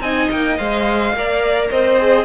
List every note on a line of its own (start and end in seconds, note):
0.00 0.28 C4
0.00 0.58 D#4
0.00 1.14 D#5
0.00 0.29 G#5
0.31 0.59 A#3
0.31 0.57 G5
0.57 1.13 G#3
0.57 1.14 C5
0.57 1.70 F5
1.13 1.69 A#3
1.13 1.98 A#4
1.13 1.70 D5
1.70 2.24 C4
1.70 2.24 C5
1.70 2.24 D#5
1.98 2.24 G#4